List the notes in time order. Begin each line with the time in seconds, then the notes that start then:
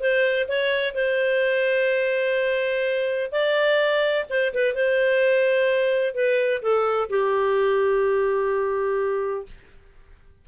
0.00 C5
0.48 C#5
0.94 C5
3.32 D5
4.29 C5
4.54 B4
4.75 C5
6.14 B4
6.62 A4
7.10 G4